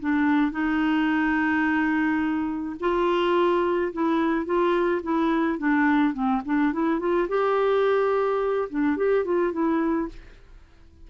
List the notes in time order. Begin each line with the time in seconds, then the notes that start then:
0.00 D4
0.51 D#4
2.80 F4
3.93 E4
4.45 F4
5.02 E4
5.58 D4
6.13 C4
6.45 D4
6.73 E4
6.99 F4
7.28 G4
8.69 D4
8.96 G4
9.24 F4
9.52 E4